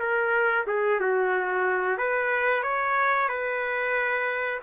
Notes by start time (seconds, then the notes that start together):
0.00 A#4
0.67 G#4
1.00 F#4
1.98 B4
2.63 C#5
3.29 B4